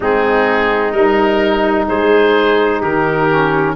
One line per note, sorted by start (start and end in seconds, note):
0.00 0.93 G#3
0.00 0.94 C4
0.00 1.87 D#4
0.00 0.92 G#4
0.92 1.86 G3
0.92 3.28 D#4
0.92 1.85 A#4
1.88 2.82 G#3
1.88 2.80 G#4
1.88 2.82 C5
2.80 3.76 D#3
2.80 3.74 G4
2.80 3.76 A#4
3.28 3.75 C#4